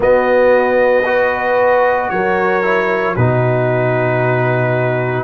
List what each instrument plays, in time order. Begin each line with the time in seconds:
0.00 trombone B3, tuba B3, horn F#4, trumpet D#5
1.05 trombone F#4, horn B4
2.09 tuba F#3, horn A#4, trumpet C#5
2.63 trombone E4
3.14 tuba B2, trombone D#4, horn F#4, trumpet B4